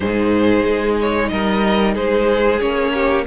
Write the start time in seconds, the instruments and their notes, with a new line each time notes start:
0.00 cello G#2, viola D#4, violin G#4 C5
0.65 cello G#3
1.00 violin C#5
1.28 cello G3, violin A#4 D#5
1.94 cello G#3, violin G#4 C5
2.59 cello A#3, viola C#4, violin C#5
2.93 violin G4